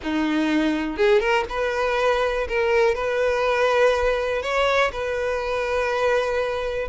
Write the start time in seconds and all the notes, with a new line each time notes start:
0.02 D#4
0.97 G#4
1.19 A#4
1.49 B4
2.48 A#4
2.95 B4
4.42 C#5
4.92 B4